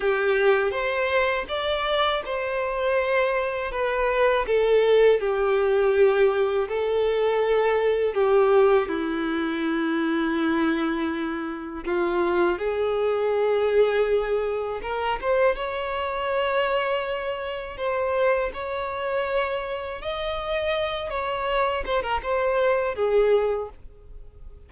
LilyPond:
\new Staff \with { instrumentName = "violin" } { \time 4/4 \tempo 4 = 81 g'4 c''4 d''4 c''4~ | c''4 b'4 a'4 g'4~ | g'4 a'2 g'4 | e'1 |
f'4 gis'2. | ais'8 c''8 cis''2. | c''4 cis''2 dis''4~ | dis''8 cis''4 c''16 ais'16 c''4 gis'4 | }